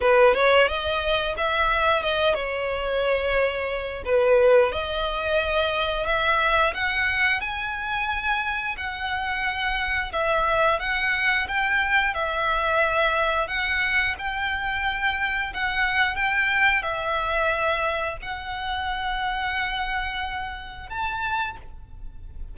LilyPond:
\new Staff \with { instrumentName = "violin" } { \time 4/4 \tempo 4 = 89 b'8 cis''8 dis''4 e''4 dis''8 cis''8~ | cis''2 b'4 dis''4~ | dis''4 e''4 fis''4 gis''4~ | gis''4 fis''2 e''4 |
fis''4 g''4 e''2 | fis''4 g''2 fis''4 | g''4 e''2 fis''4~ | fis''2. a''4 | }